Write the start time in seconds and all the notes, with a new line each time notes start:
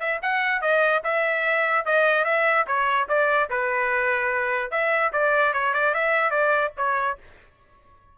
0.00 E5
0.22 F#5
0.61 D#5
1.04 E5
1.85 D#5
2.25 E5
2.67 C#5
3.09 D5
3.50 B4
4.71 E5
5.13 D5
5.53 C#5
5.74 D5
5.94 E5
6.31 D5
6.77 C#5